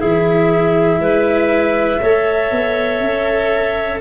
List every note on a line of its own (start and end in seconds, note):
0.00 1.00 E3
0.00 2.00 E4
0.00 1.00 G#4
0.00 4.00 E5
1.00 2.00 G#3
1.00 2.01 B4
2.02 2.52 A3
2.02 4.01 A4
2.02 4.01 C#5
2.52 3.01 B3
3.01 4.01 C#4